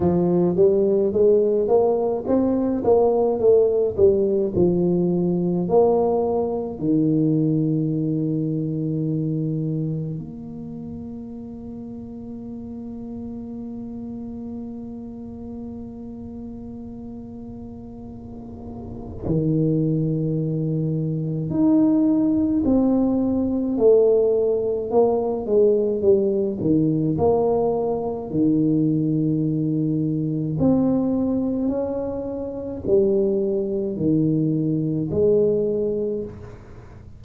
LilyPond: \new Staff \with { instrumentName = "tuba" } { \time 4/4 \tempo 4 = 53 f8 g8 gis8 ais8 c'8 ais8 a8 g8 | f4 ais4 dis2~ | dis4 ais2.~ | ais1~ |
ais4 dis2 dis'4 | c'4 a4 ais8 gis8 g8 dis8 | ais4 dis2 c'4 | cis'4 g4 dis4 gis4 | }